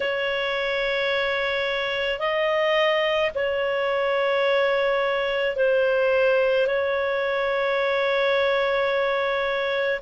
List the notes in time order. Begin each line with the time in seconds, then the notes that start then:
0.00 C#5
2.19 D#5
3.34 C#5
5.56 C5
6.67 C#5